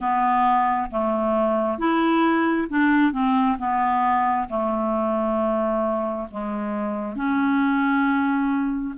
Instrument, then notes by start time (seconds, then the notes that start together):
clarinet
0.00 B3
0.90 A3
1.78 E4
2.69 D4
3.12 C4
3.58 B3
4.49 A3
6.31 G#3
7.15 C#4